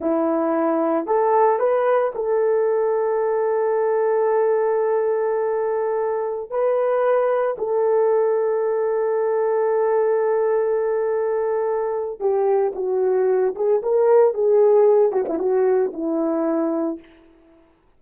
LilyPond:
\new Staff \with { instrumentName = "horn" } { \time 4/4 \tempo 4 = 113 e'2 a'4 b'4 | a'1~ | a'1~ | a'16 b'2 a'4.~ a'16~ |
a'1~ | a'2. g'4 | fis'4. gis'8 ais'4 gis'4~ | gis'8 fis'16 e'16 fis'4 e'2 | }